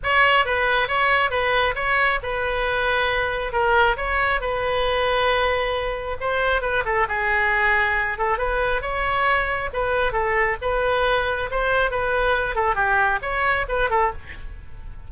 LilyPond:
\new Staff \with { instrumentName = "oboe" } { \time 4/4 \tempo 4 = 136 cis''4 b'4 cis''4 b'4 | cis''4 b'2. | ais'4 cis''4 b'2~ | b'2 c''4 b'8 a'8 |
gis'2~ gis'8 a'8 b'4 | cis''2 b'4 a'4 | b'2 c''4 b'4~ | b'8 a'8 g'4 cis''4 b'8 a'8 | }